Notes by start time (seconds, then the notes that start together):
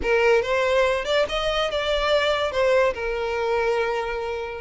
0.02 A#4
0.42 C5
1.05 D5
1.29 D#5
1.71 D5
2.51 C5
2.94 A#4